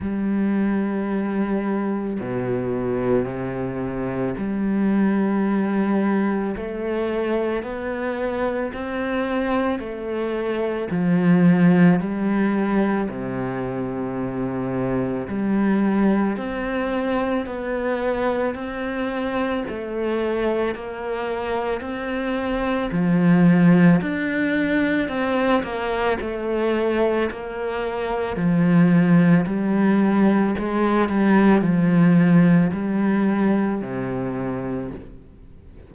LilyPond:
\new Staff \with { instrumentName = "cello" } { \time 4/4 \tempo 4 = 55 g2 b,4 c4 | g2 a4 b4 | c'4 a4 f4 g4 | c2 g4 c'4 |
b4 c'4 a4 ais4 | c'4 f4 d'4 c'8 ais8 | a4 ais4 f4 g4 | gis8 g8 f4 g4 c4 | }